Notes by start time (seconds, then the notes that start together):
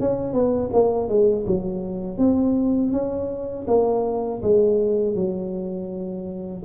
0.00 C#4
0.33 B3
0.73 A#3
1.09 G#3
1.47 F#3
2.18 C4
2.92 C#4
3.68 A#3
4.42 G#3
5.15 F#3